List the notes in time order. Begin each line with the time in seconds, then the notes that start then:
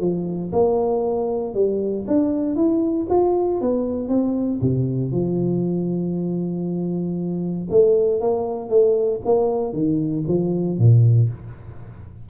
0.00 F3
0.52 A#3
1.54 G3
2.07 D4
2.55 E4
3.10 F4
3.61 B3
4.08 C4
4.61 C3
5.12 F3
7.70 A3
8.21 A#3
8.69 A3
9.25 A#3
9.73 D#3
10.28 F3
10.78 A#2